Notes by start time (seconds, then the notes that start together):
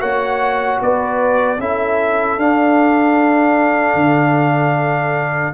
0.00 A#3 F#4 C#5 F#5
0.82 B3 B4 D5
1.59 C#4 E4 A4 E5
2.38 D4 F5
3.94 D3